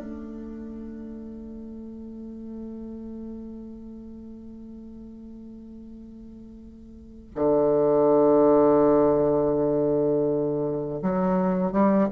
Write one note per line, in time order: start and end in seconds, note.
0.00 7.32 A3
7.35 11.01 D3
11.02 11.72 F#3
11.72 12.09 G3